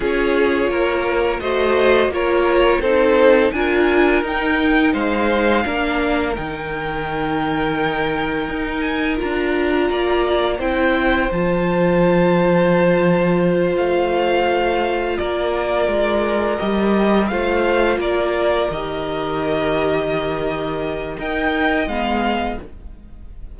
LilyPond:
<<
  \new Staff \with { instrumentName = "violin" } { \time 4/4 \tempo 4 = 85 cis''2 dis''4 cis''4 | c''4 gis''4 g''4 f''4~ | f''4 g''2.~ | g''8 gis''8 ais''2 g''4 |
a''2.~ a''8 f''8~ | f''4. d''2 dis''8~ | dis''8 f''4 d''4 dis''4.~ | dis''2 g''4 f''4 | }
  \new Staff \with { instrumentName = "violin" } { \time 4/4 gis'4 ais'4 c''4 ais'4 | a'4 ais'2 c''4 | ais'1~ | ais'2 d''4 c''4~ |
c''1~ | c''4. ais'2~ ais'8~ | ais'8 c''4 ais'2~ ais'8~ | ais'2 dis''2 | }
  \new Staff \with { instrumentName = "viola" } { \time 4/4 f'2 fis'4 f'4 | dis'4 f'4 dis'2 | d'4 dis'2.~ | dis'4 f'2 e'4 |
f'1~ | f'2.~ f'8 g'8~ | g'8 f'2 g'4.~ | g'2 ais'4 b4 | }
  \new Staff \with { instrumentName = "cello" } { \time 4/4 cis'4 ais4 a4 ais4 | c'4 d'4 dis'4 gis4 | ais4 dis2. | dis'4 d'4 ais4 c'4 |
f2.~ f8 a8~ | a4. ais4 gis4 g8~ | g8 a4 ais4 dis4.~ | dis2 dis'4 gis4 | }
>>